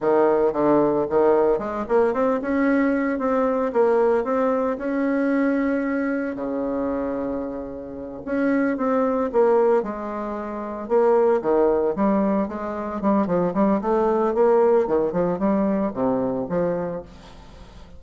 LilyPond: \new Staff \with { instrumentName = "bassoon" } { \time 4/4 \tempo 4 = 113 dis4 d4 dis4 gis8 ais8 | c'8 cis'4. c'4 ais4 | c'4 cis'2. | cis2.~ cis8 cis'8~ |
cis'8 c'4 ais4 gis4.~ | gis8 ais4 dis4 g4 gis8~ | gis8 g8 f8 g8 a4 ais4 | dis8 f8 g4 c4 f4 | }